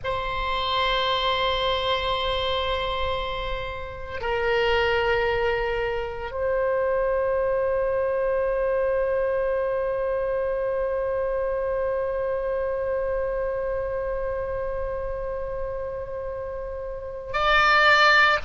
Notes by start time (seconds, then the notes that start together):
0.03 C5
4.21 A#4
6.31 C5
17.33 D5